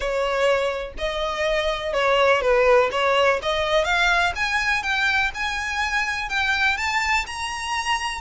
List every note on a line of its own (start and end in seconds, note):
0.00 0.93 C#5
0.98 1.93 D#5
1.93 2.41 C#5
2.41 2.90 B4
2.91 3.39 C#5
3.42 3.84 D#5
3.84 4.32 F5
4.35 4.82 G#5
4.82 5.31 G5
5.34 6.29 G#5
6.29 6.77 G5
6.77 7.25 A5
7.26 8.21 A#5